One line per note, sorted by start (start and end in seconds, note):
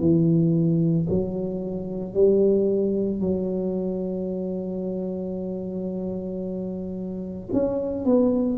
0.00 1.07 E3
1.10 2.14 F#3
2.14 3.20 G3
3.20 7.49 F#3
7.53 8.05 C#4
8.05 8.58 B3